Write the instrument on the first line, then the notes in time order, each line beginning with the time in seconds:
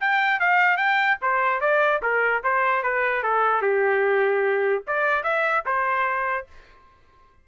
trumpet
0.00 G5
0.40 F5
0.77 G5
1.21 C5
1.60 D5
2.02 A#4
2.43 C5
2.83 B4
3.23 A4
3.62 G4
4.87 D5
5.23 E5
5.65 C5